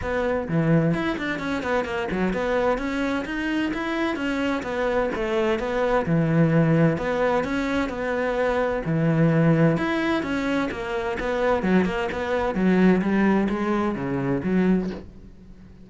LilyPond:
\new Staff \with { instrumentName = "cello" } { \time 4/4 \tempo 4 = 129 b4 e4 e'8 d'8 cis'8 b8 | ais8 fis8 b4 cis'4 dis'4 | e'4 cis'4 b4 a4 | b4 e2 b4 |
cis'4 b2 e4~ | e4 e'4 cis'4 ais4 | b4 fis8 ais8 b4 fis4 | g4 gis4 cis4 fis4 | }